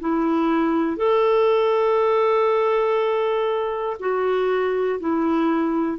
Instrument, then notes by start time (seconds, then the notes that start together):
clarinet
0.00 E4
0.97 A4
4.00 F#4
5.00 E4